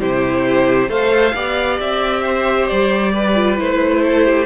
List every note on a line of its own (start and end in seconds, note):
0.00 0.89 C3
0.00 0.90 E4
0.00 0.90 G4
0.00 0.90 C5
0.89 1.34 A3
0.89 1.35 A4
0.89 1.34 C5
0.89 1.79 F5
1.34 1.79 B3
1.34 3.35 G4
1.34 2.23 D5
1.80 2.70 C4
1.80 2.67 E5
2.23 3.12 C5
2.67 3.60 G3
2.67 3.57 D5
3.13 4.03 B4
3.35 3.57 F4
3.57 4.46 A3
3.57 4.46 E4
3.57 4.46 C5
4.03 4.25 A4
4.25 4.46 G4